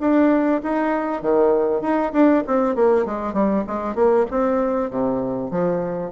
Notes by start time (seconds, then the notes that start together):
0.00 D4
0.63 D#4
1.21 D#3
1.81 D#4
2.12 D4
2.47 C4
2.75 A#3
3.05 G#3
3.33 G3
3.67 G#3
3.95 A#3
4.30 C4
4.90 C3
5.50 F3